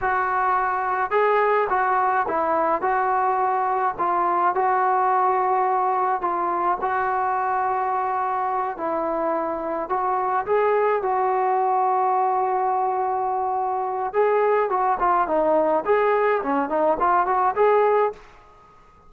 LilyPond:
\new Staff \with { instrumentName = "trombone" } { \time 4/4 \tempo 4 = 106 fis'2 gis'4 fis'4 | e'4 fis'2 f'4 | fis'2. f'4 | fis'2.~ fis'8 e'8~ |
e'4. fis'4 gis'4 fis'8~ | fis'1~ | fis'4 gis'4 fis'8 f'8 dis'4 | gis'4 cis'8 dis'8 f'8 fis'8 gis'4 | }